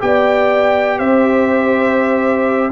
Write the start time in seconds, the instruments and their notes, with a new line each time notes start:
0.00 tuba B3, trombone G4, horn D5, trumpet G5
0.99 tuba C4, horn C5, trumpet E5